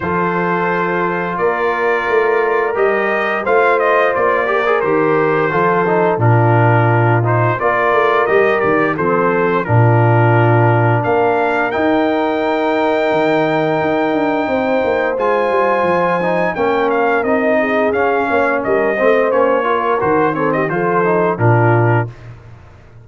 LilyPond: <<
  \new Staff \with { instrumentName = "trumpet" } { \time 4/4 \tempo 4 = 87 c''2 d''2 | dis''4 f''8 dis''8 d''4 c''4~ | c''4 ais'4. c''8 d''4 | dis''8 d''8 c''4 ais'2 |
f''4 g''2.~ | g''2 gis''2 | g''8 f''8 dis''4 f''4 dis''4 | cis''4 c''8 cis''16 dis''16 c''4 ais'4 | }
  \new Staff \with { instrumentName = "horn" } { \time 4/4 a'2 ais'2~ | ais'4 c''4. ais'4. | a'4 f'2 ais'4~ | ais'4 a'4 f'2 |
ais'1~ | ais'4 c''2. | ais'4. gis'4 cis''8 ais'8 c''8~ | c''8 ais'4 a'16 g'16 a'4 f'4 | }
  \new Staff \with { instrumentName = "trombone" } { \time 4/4 f'1 | g'4 f'4. g'16 gis'16 g'4 | f'8 dis'8 d'4. dis'8 f'4 | g'4 c'4 d'2~ |
d'4 dis'2.~ | dis'2 f'4. dis'8 | cis'4 dis'4 cis'4. c'8 | cis'8 f'8 fis'8 c'8 f'8 dis'8 d'4 | }
  \new Staff \with { instrumentName = "tuba" } { \time 4/4 f2 ais4 a4 | g4 a4 ais4 dis4 | f4 ais,2 ais8 a8 | g8 dis8 f4 ais,2 |
ais4 dis'2 dis4 | dis'8 d'8 c'8 ais8 gis8 g8 f4 | ais4 c'4 cis'8 ais8 g8 a8 | ais4 dis4 f4 ais,4 | }
>>